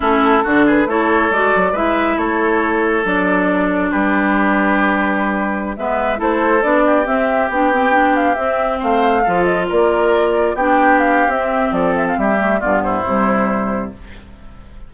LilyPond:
<<
  \new Staff \with { instrumentName = "flute" } { \time 4/4 \tempo 4 = 138 a'4. b'8 cis''4 d''4 | e''4 cis''2 d''4~ | d''4 b'2.~ | b'4~ b'16 e''4 c''4 d''8.~ |
d''16 e''4 g''4. f''8 e''8.~ | e''16 f''4. dis''8 d''4.~ d''16~ | d''16 g''4 f''8. e''4 d''8 e''16 f''16 | e''4 d''8 c''2~ c''8 | }
  \new Staff \with { instrumentName = "oboe" } { \time 4/4 e'4 fis'8 gis'8 a'2 | b'4 a'2.~ | a'4 g'2.~ | g'4~ g'16 b'4 a'4. g'16~ |
g'1~ | g'16 c''4 a'4 ais'4.~ ais'16~ | ais'16 g'2~ g'8. a'4 | g'4 f'8 e'2~ e'8 | }
  \new Staff \with { instrumentName = "clarinet" } { \time 4/4 cis'4 d'4 e'4 fis'4 | e'2. d'4~ | d'1~ | d'4~ d'16 b4 e'4 d'8.~ |
d'16 c'4 d'8 c'8 d'4 c'8.~ | c'4~ c'16 f'2~ f'8.~ | f'16 d'4.~ d'16 c'2~ | c'8 a8 b4 g2 | }
  \new Staff \with { instrumentName = "bassoon" } { \time 4/4 a4 d4 a4 gis8 fis8 | gis4 a2 fis4~ | fis4 g2.~ | g4~ g16 gis4 a4 b8.~ |
b16 c'4 b2 c'8.~ | c'16 a4 f4 ais4.~ ais16~ | ais16 b4.~ b16 c'4 f4 | g4 g,4 c2 | }
>>